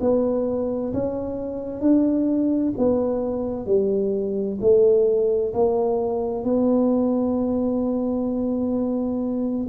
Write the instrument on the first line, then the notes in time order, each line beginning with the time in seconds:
tuba
0.00 B3
0.93 C#4
1.80 D4
2.77 B3
3.65 G3
4.61 A3
5.53 A#3
6.44 B3